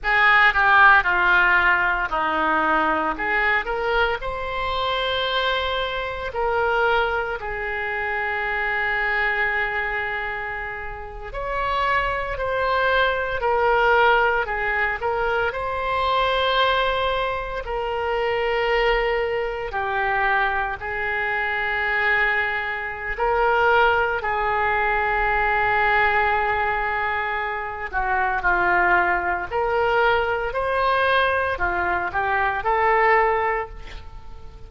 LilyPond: \new Staff \with { instrumentName = "oboe" } { \time 4/4 \tempo 4 = 57 gis'8 g'8 f'4 dis'4 gis'8 ais'8 | c''2 ais'4 gis'4~ | gis'2~ gis'8. cis''4 c''16~ | c''8. ais'4 gis'8 ais'8 c''4~ c''16~ |
c''8. ais'2 g'4 gis'16~ | gis'2 ais'4 gis'4~ | gis'2~ gis'8 fis'8 f'4 | ais'4 c''4 f'8 g'8 a'4 | }